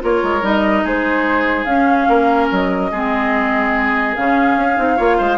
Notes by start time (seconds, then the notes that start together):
0.00 A#3 F4 A#4 C#5
0.23 G#3
0.42 G3 D#4 D#5
0.84 G#3 G#4 C5
1.64 C#4 F5
2.08 A#3 A#4
2.51 F#3 D#5
2.91 G#3 C4 G#4
4.16 C#3 C#4 F5
4.57 C#4
4.76 C4 D#4
4.96 A#3 F4 C#5
5.17 G#3 C5